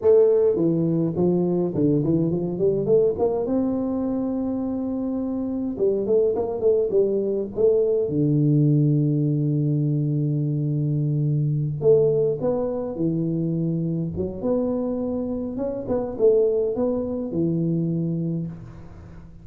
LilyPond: \new Staff \with { instrumentName = "tuba" } { \time 4/4 \tempo 4 = 104 a4 e4 f4 d8 e8 | f8 g8 a8 ais8 c'2~ | c'2 g8 a8 ais8 a8 | g4 a4 d2~ |
d1~ | d8 a4 b4 e4.~ | e8 fis8 b2 cis'8 b8 | a4 b4 e2 | }